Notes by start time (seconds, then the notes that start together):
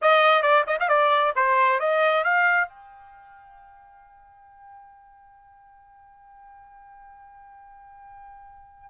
0.01 D#5
0.42 D5
0.66 D#5
0.79 F5
0.88 D5
1.35 C5
1.79 D#5
2.24 F5
2.68 G5